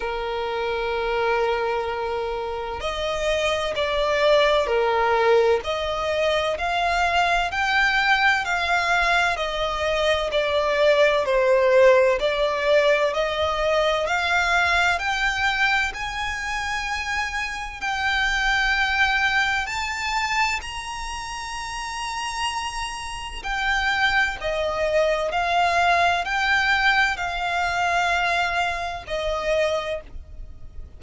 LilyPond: \new Staff \with { instrumentName = "violin" } { \time 4/4 \tempo 4 = 64 ais'2. dis''4 | d''4 ais'4 dis''4 f''4 | g''4 f''4 dis''4 d''4 | c''4 d''4 dis''4 f''4 |
g''4 gis''2 g''4~ | g''4 a''4 ais''2~ | ais''4 g''4 dis''4 f''4 | g''4 f''2 dis''4 | }